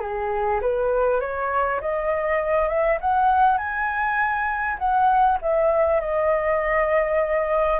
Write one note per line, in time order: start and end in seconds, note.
0.00 0.60 G#4
0.61 1.20 B4
1.20 1.80 C#5
1.80 2.68 D#5
2.68 2.98 E5
3.00 3.57 F#5
3.57 4.77 G#5
4.78 5.38 F#5
5.41 6.00 E5
6.00 7.80 D#5